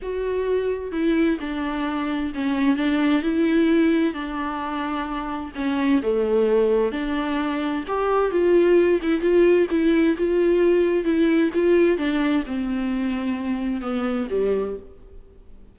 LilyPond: \new Staff \with { instrumentName = "viola" } { \time 4/4 \tempo 4 = 130 fis'2 e'4 d'4~ | d'4 cis'4 d'4 e'4~ | e'4 d'2. | cis'4 a2 d'4~ |
d'4 g'4 f'4. e'8 | f'4 e'4 f'2 | e'4 f'4 d'4 c'4~ | c'2 b4 g4 | }